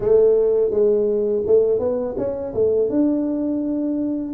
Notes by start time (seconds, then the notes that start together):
0.00 A3
0.70 G#3
1.46 A3
1.79 B3
2.17 C#4
2.54 A3
2.89 D4